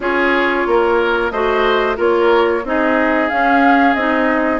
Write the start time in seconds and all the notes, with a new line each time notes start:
0.00 C#4 F4 G#4 C#5
0.66 A#3 A#4
1.30 A3 F#4 C5 D#5
1.95 A#3 F4 A#4 C#5
2.64 C4 D#4 G#4 D#5
3.28 C#4 F5
3.94 C4 D#4 D#5